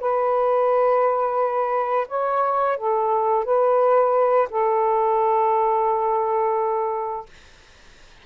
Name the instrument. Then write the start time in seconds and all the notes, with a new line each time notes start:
saxophone
0.00 B4
2.08 C#5
2.77 A4
3.45 B4
4.50 A4